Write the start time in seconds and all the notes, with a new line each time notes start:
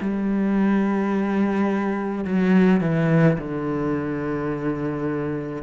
0.00 G3
2.24 F#3
2.80 E3
3.37 D3